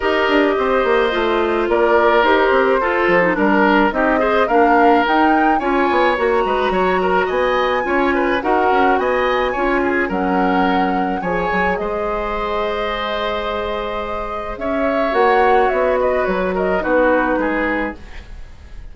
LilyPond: <<
  \new Staff \with { instrumentName = "flute" } { \time 4/4 \tempo 4 = 107 dis''2. d''4 | c''2 ais'4 dis''4 | f''4 g''4 gis''4 ais''4~ | ais''4 gis''2 fis''4 |
gis''2 fis''2 | gis''4 dis''2.~ | dis''2 e''4 fis''4 | e''8 dis''8 cis''8 dis''8 b'2 | }
  \new Staff \with { instrumentName = "oboe" } { \time 4/4 ais'4 c''2 ais'4~ | ais'4 a'4 ais'4 g'8 c''8 | ais'2 cis''4. b'8 | cis''8 ais'8 dis''4 cis''8 b'8 ais'4 |
dis''4 cis''8 gis'8 ais'2 | cis''4 c''2.~ | c''2 cis''2~ | cis''8 b'4 ais'8 fis'4 gis'4 | }
  \new Staff \with { instrumentName = "clarinet" } { \time 4/4 g'2 f'2 | g'4 f'8. dis'16 d'4 dis'8 gis'8 | d'4 dis'4 f'4 fis'4~ | fis'2 f'4 fis'4~ |
fis'4 f'4 cis'2 | gis'1~ | gis'2. fis'4~ | fis'2 dis'2 | }
  \new Staff \with { instrumentName = "bassoon" } { \time 4/4 dis'8 d'8 c'8 ais8 a4 ais4 | dis'8 c'8 f'8 f8 g4 c'4 | ais4 dis'4 cis'8 b8 ais8 gis8 | fis4 b4 cis'4 dis'8 cis'8 |
b4 cis'4 fis2 | f8 fis8 gis2.~ | gis2 cis'4 ais4 | b4 fis4 b4 gis4 | }
>>